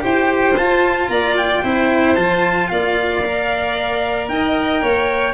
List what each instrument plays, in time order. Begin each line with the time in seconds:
0.00 tuba E4, cello G4, violin C5, trumpet G5
0.57 tuba F4, cello F4, trumpet A5
1.08 tuba A#3, violin D5, trumpet A#5
1.37 trumpet G5
1.62 tuba C4, cello E4, violin C5
2.15 tuba F3, cello F4, trumpet A5
2.68 tuba A#3, violin D5, trumpet F5
3.24 cello A#4
4.28 tuba D#4, violin D#5, trumpet G5
4.82 tuba A#3, violin C#5